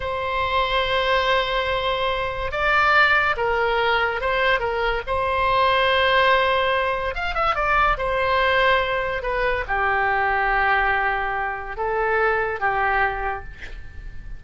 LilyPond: \new Staff \with { instrumentName = "oboe" } { \time 4/4 \tempo 4 = 143 c''1~ | c''2 d''2 | ais'2 c''4 ais'4 | c''1~ |
c''4 f''8 e''8 d''4 c''4~ | c''2 b'4 g'4~ | g'1 | a'2 g'2 | }